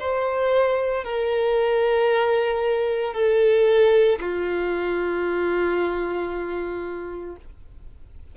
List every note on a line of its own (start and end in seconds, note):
0.00 1.05 C5
1.05 3.14 A#4
3.14 4.20 A4
4.21 7.36 F4